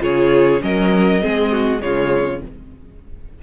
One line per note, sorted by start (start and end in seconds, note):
0.00 0.61 C#3
0.00 0.60 F4
0.00 0.62 G#4
0.00 0.62 C#5
0.60 1.24 F#3
0.60 1.20 C#4
0.60 1.23 A#4
0.60 1.82 D#5
1.22 1.82 G#3
1.22 1.79 C4
1.22 1.52 G#4
1.52 1.82 F#4
1.79 2.42 C#3
1.79 2.39 G#3
1.79 2.43 F4
1.79 2.42 C#5